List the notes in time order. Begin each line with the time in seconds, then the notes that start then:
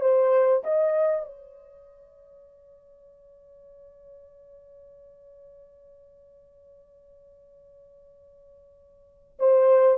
0.00 C5
0.63 D#5
1.25 C#5
9.39 C5